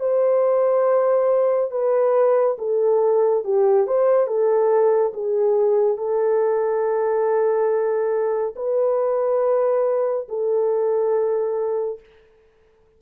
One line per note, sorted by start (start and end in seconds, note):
0.00 1.71 C5
1.71 2.57 B4
2.58 3.44 A4
3.44 3.87 G4
3.87 4.27 C5
4.27 5.13 A4
5.14 5.98 G#4
5.98 8.55 A4
8.56 10.27 B4
10.29 12.00 A4